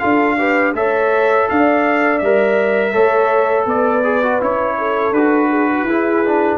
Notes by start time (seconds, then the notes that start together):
0.00 D4 F4 A4 F5
0.38 G4 B4
0.74 A3 A4 C#5 E5
1.50 D4 D5 F5
2.19 G3 A#4 E5
2.93 A3 A4 C#5
3.66 B3 B4 D5
4.04 G#4
4.23 F#4
4.41 C#4 E4 C#5
4.78 A4
5.12 D4 F#4 B4
5.50 G#4
5.68 F#4
5.84 E4 G#4
6.26 D4